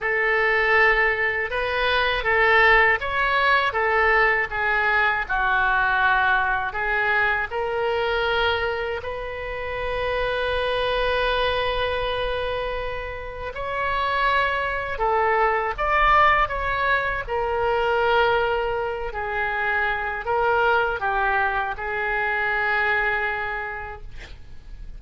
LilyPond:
\new Staff \with { instrumentName = "oboe" } { \time 4/4 \tempo 4 = 80 a'2 b'4 a'4 | cis''4 a'4 gis'4 fis'4~ | fis'4 gis'4 ais'2 | b'1~ |
b'2 cis''2 | a'4 d''4 cis''4 ais'4~ | ais'4. gis'4. ais'4 | g'4 gis'2. | }